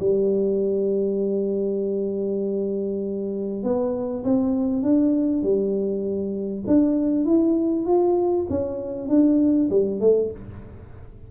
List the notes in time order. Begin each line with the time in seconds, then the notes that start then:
0.00 G3
3.64 B3
4.24 C4
4.83 D4
5.44 G3
6.67 D4
7.26 E4
7.87 F4
8.50 C#4
9.09 D4
9.71 G3
10.01 A3